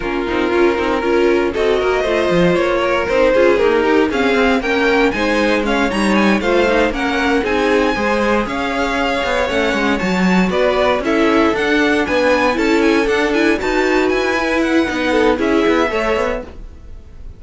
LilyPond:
<<
  \new Staff \with { instrumentName = "violin" } { \time 4/4 \tempo 4 = 117 ais'2. dis''4~ | dis''4 cis''4 c''4 ais'4 | f''4 g''4 gis''4 f''8 ais''8 | gis''8 f''4 fis''4 gis''4.~ |
gis''8 f''2 fis''4 a''8~ | a''8 d''4 e''4 fis''4 gis''8~ | gis''8 a''8 gis''8 fis''8 gis''8 a''4 gis''8~ | gis''8 fis''4. e''2 | }
  \new Staff \with { instrumentName = "violin" } { \time 4/4 f'2 ais'4 a'8 ais'8 | c''4. ais'4 gis'4 g'8 | gis'4 ais'4 c''4 cis''4~ | cis''8 c''4 ais'4 gis'4 c''8~ |
c''8 cis''2.~ cis''8~ | cis''8 b'4 a'2 b'8~ | b'8 a'2 b'4.~ | b'4. a'8 gis'4 cis''4 | }
  \new Staff \with { instrumentName = "viola" } { \time 4/4 cis'8 dis'8 f'8 dis'8 f'4 fis'4 | f'2 dis'8 f'8 ais8 dis'8 | c'4 cis'4 dis'4 cis'8 dis'8~ | dis'8 f'8 dis'8 cis'4 dis'4 gis'8~ |
gis'2~ gis'8 cis'4 fis'8~ | fis'4. e'4 d'4.~ | d'8 e'4 d'8 e'8 fis'4. | e'4 dis'4 e'4 a'4 | }
  \new Staff \with { instrumentName = "cello" } { \time 4/4 ais8 c'8 cis'8 c'8 cis'4 c'8 ais8 | a8 f8 ais4 c'8 cis'8 dis'4 | cis'8 c'8 ais4 gis4. g8~ | g8 a4 ais4 c'4 gis8~ |
gis8 cis'4. b8 a8 gis8 fis8~ | fis8 b4 cis'4 d'4 b8~ | b8 cis'4 d'4 dis'4 e'8~ | e'4 b4 cis'8 b8 a8 b8 | }
>>